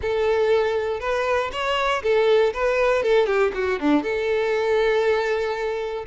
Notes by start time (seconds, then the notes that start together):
0.01 A4
1.00 B4
1.51 C#5
2.02 A4
2.53 B4
3.02 A4
3.26 G4
3.54 F#4
3.79 D4
4.02 A4